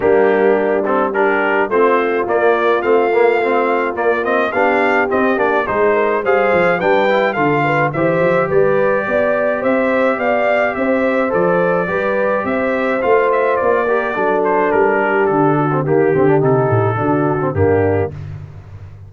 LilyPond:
<<
  \new Staff \with { instrumentName = "trumpet" } { \time 4/4 \tempo 4 = 106 g'4. a'8 ais'4 c''4 | d''4 f''2 d''8 dis''8 | f''4 dis''8 d''8 c''4 f''4 | g''4 f''4 e''4 d''4~ |
d''4 e''4 f''4 e''4 | d''2 e''4 f''8 e''8 | d''4. c''8 ais'4 a'4 | g'4 a'2 g'4 | }
  \new Staff \with { instrumentName = "horn" } { \time 4/4 d'2 g'4 f'4~ | f'1 | g'2 gis'8 ais'8 c''4 | b'4 a'8 b'8 c''4 b'4 |
d''4 c''4 d''4 c''4~ | c''4 b'4 c''2~ | c''8 ais'8 a'4. g'4 fis'8 | g'2 fis'4 d'4 | }
  \new Staff \with { instrumentName = "trombone" } { \time 4/4 ais4. c'8 d'4 c'4 | ais4 c'8 ais8 c'4 ais8 c'8 | d'4 c'8 d'8 dis'4 gis'4 | d'8 e'8 f'4 g'2~ |
g'1 | a'4 g'2 f'4~ | f'8 g'8 d'2~ d'8. c'16 | ais8 c'16 d'16 dis'4 d'8. c'16 ais4 | }
  \new Staff \with { instrumentName = "tuba" } { \time 4/4 g2. a4 | ais4 a2 ais4 | b4 c'8 ais8 gis4 g8 f8 | g4 d4 e8 f8 g4 |
b4 c'4 b4 c'4 | f4 g4 c'4 a4 | ais4 fis4 g4 d4 | dis8 d8 c8 a,8 d4 g,4 | }
>>